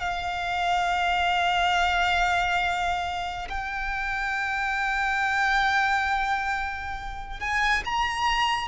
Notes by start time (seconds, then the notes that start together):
0.00 F5
3.49 G5
7.40 G#5
7.85 A#5